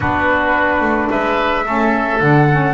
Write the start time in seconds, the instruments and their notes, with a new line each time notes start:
0.00 double bass B3, saxophone D4, oboe F#4, flute B4
0.80 double bass A3
1.10 double bass G#3, oboe B4, flute E5
1.65 double bass A3, saxophone C#4, oboe A4
2.20 double bass D3, saxophone D4, flute F#5
2.51 saxophone C#4